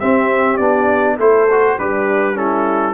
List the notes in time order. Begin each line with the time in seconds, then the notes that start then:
0.00 C4 G4 E5
0.57 B3 D4 D5
1.17 A3 E4 A4 C5
1.51 F#4
1.79 G3 D4 G4 B4
2.34 C#4 E4 A4